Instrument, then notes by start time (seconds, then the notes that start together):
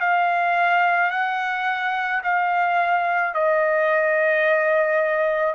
trumpet
0.00 F5
1.10 F#5
2.23 F5
3.34 D#5